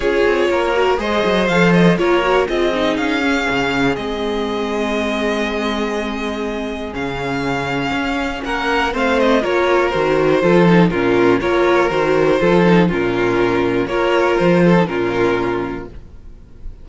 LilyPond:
<<
  \new Staff \with { instrumentName = "violin" } { \time 4/4 \tempo 4 = 121 cis''2 dis''4 f''8 dis''8 | cis''4 dis''4 f''2 | dis''1~ | dis''2 f''2~ |
f''4 fis''4 f''8 dis''8 cis''4 | c''2 ais'4 cis''4 | c''2 ais'2 | cis''4 c''4 ais'2 | }
  \new Staff \with { instrumentName = "violin" } { \time 4/4 gis'4 ais'4 c''2 | ais'4 gis'2.~ | gis'1~ | gis'1~ |
gis'4 ais'4 c''4 ais'4~ | ais'4 a'4 f'4 ais'4~ | ais'4 a'4 f'2 | ais'4. a'8 f'2 | }
  \new Staff \with { instrumentName = "viola" } { \time 4/4 f'4. fis'8 gis'4 a'4 | f'8 fis'8 f'8 dis'4 cis'4. | c'1~ | c'2 cis'2~ |
cis'2 c'4 f'4 | fis'4 f'8 dis'8 cis'4 f'4 | fis'4 f'8 dis'8 cis'2 | f'4.~ f'16 dis'16 cis'2 | }
  \new Staff \with { instrumentName = "cello" } { \time 4/4 cis'8 c'8 ais4 gis8 fis8 f4 | ais4 c'4 cis'4 cis4 | gis1~ | gis2 cis2 |
cis'4 ais4 a4 ais4 | dis4 f4 ais,4 ais4 | dis4 f4 ais,2 | ais4 f4 ais,2 | }
>>